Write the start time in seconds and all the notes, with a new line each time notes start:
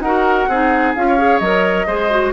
0.00 D#4 F#4 A#4 F#5
0.48 C4 D#4 G#4
0.95 C#4 F4 F5
1.08 C#5
1.18 G#4
1.39 F#3 A#4 D#5
1.87 G#3 G#4 C5
2.10 F#4